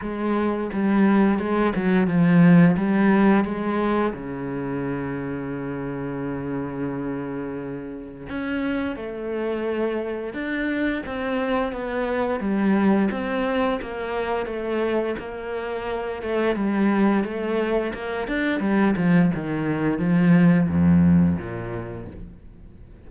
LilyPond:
\new Staff \with { instrumentName = "cello" } { \time 4/4 \tempo 4 = 87 gis4 g4 gis8 fis8 f4 | g4 gis4 cis2~ | cis1 | cis'4 a2 d'4 |
c'4 b4 g4 c'4 | ais4 a4 ais4. a8 | g4 a4 ais8 d'8 g8 f8 | dis4 f4 f,4 ais,4 | }